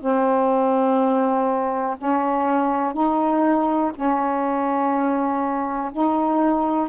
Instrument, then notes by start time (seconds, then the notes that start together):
saxophone
0.00 C4
1.98 C#4
2.94 D#4
3.95 C#4
5.92 D#4